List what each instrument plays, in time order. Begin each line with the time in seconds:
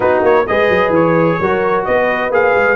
0.00 tuba B3, trombone D#4, horn F#4, trumpet B4
0.21 tuba A#3, trumpet C#5
0.46 tuba G#3, trombone G#4, horn B4, trumpet D#5
0.69 tuba F#3
0.89 tuba E3, trumpet C#5
1.39 tuba F#3, trombone F#4, horn A#4
1.85 tuba B3, horn B4, trumpet D#5
2.31 tuba A#3, trombone G#4, trumpet F5
2.55 tuba G#3